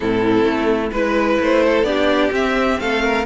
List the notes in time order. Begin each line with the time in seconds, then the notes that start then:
0.00 A2 C4 E4 A4
0.44 A3
0.91 G#3 E4 B4
1.39 A3 C5
1.63 A4
1.83 B3 D4 G4 D5
2.31 C4 E5
2.79 A3 A4 F5
3.02 A#4